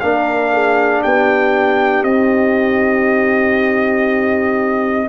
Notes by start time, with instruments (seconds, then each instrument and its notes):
0.00 tuba A#3, trombone D4, horn A#4, trumpet F5
0.53 horn G#4
1.01 tuba B3, horn G4, trumpet G5
2.03 tuba C4, trombone D#4, trumpet D#5